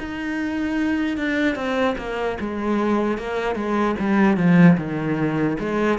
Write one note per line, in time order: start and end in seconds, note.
0.00 1.18 D#4
1.18 1.56 D4
1.56 1.96 C4
1.98 2.38 A#3
2.40 3.18 G#3
3.18 3.56 A#3
3.56 3.96 G#3
4.00 4.37 G3
4.37 4.77 F3
4.78 5.58 D#3
5.60 5.99 G#3